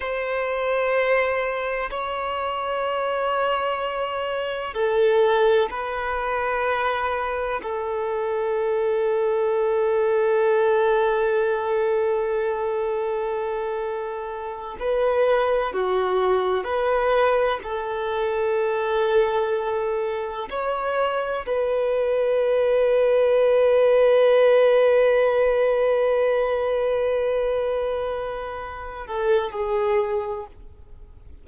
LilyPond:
\new Staff \with { instrumentName = "violin" } { \time 4/4 \tempo 4 = 63 c''2 cis''2~ | cis''4 a'4 b'2 | a'1~ | a'2.~ a'8 b'8~ |
b'8 fis'4 b'4 a'4.~ | a'4. cis''4 b'4.~ | b'1~ | b'2~ b'8 a'8 gis'4 | }